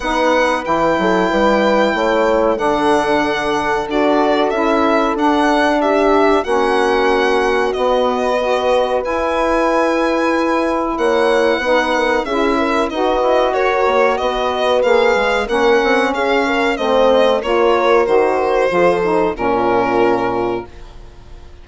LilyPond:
<<
  \new Staff \with { instrumentName = "violin" } { \time 4/4 \tempo 4 = 93 fis''4 g''2. | fis''2 d''4 e''4 | fis''4 e''4 fis''2 | dis''2 gis''2~ |
gis''4 fis''2 e''4 | dis''4 cis''4 dis''4 f''4 | fis''4 f''4 dis''4 cis''4 | c''2 ais'2 | }
  \new Staff \with { instrumentName = "horn" } { \time 4/4 b'4. a'8 b'4 cis''4 | a'1~ | a'4 g'4 fis'2~ | fis'4 b'2.~ |
b'4 cis''4 b'8 ais'8 gis'8 ais'8 | b'4 ais'4 b'2 | ais'4 gis'8 ais'8 c''4 ais'4~ | ais'4 a'4 f'2 | }
  \new Staff \with { instrumentName = "saxophone" } { \time 4/4 dis'4 e'2. | d'2 fis'4 e'4 | d'2 cis'2 | b4 fis'4 e'2~ |
e'2 dis'4 e'4 | fis'2. gis'4 | cis'2 c'4 f'4 | fis'4 f'8 dis'8 cis'2 | }
  \new Staff \with { instrumentName = "bassoon" } { \time 4/4 b4 e8 fis8 g4 a4 | d2 d'4 cis'4 | d'2 ais2 | b2 e'2~ |
e'4 ais4 b4 cis'4 | dis'8 e'8 fis'8 ais8 b4 ais8 gis8 | ais8 c'8 cis'4 a4 ais4 | dis4 f4 ais,2 | }
>>